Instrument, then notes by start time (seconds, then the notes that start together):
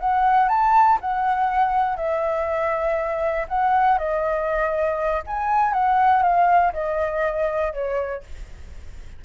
flute
0.00 F#5
0.49 A5
1.01 F#5
1.97 E5
3.48 F#5
3.98 D#5
5.27 G#5
5.73 F#5
6.23 F5
6.73 D#5
7.73 C#5